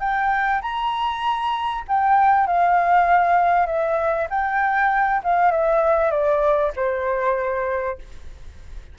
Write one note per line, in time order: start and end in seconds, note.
0.00 0.61 G5
0.62 1.84 A#5
1.88 2.47 G5
2.47 3.67 F5
3.67 4.28 E5
4.30 5.22 G5
5.23 5.51 F5
5.51 6.11 E5
6.11 6.72 D5
6.76 7.98 C5